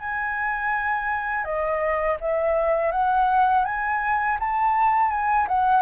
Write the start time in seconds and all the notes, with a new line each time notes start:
0.00 G#5
1.45 D#5
2.21 E5
2.92 F#5
3.66 G#5
4.40 A5
5.11 G#5
5.49 F#5